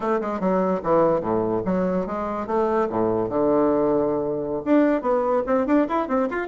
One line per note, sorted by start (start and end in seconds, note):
0.00 0.20 A3
0.20 0.39 G#3
0.39 0.81 F#3
0.83 1.20 E3
1.20 1.61 A2
1.65 2.06 F#3
2.06 2.47 G#3
2.47 2.88 A3
2.89 3.29 A2
3.29 4.63 D3
4.64 5.01 D4
5.01 5.42 B3
5.46 5.66 C4
5.66 5.87 D4
5.88 6.07 E4
6.07 6.28 C4
6.30 6.47 F4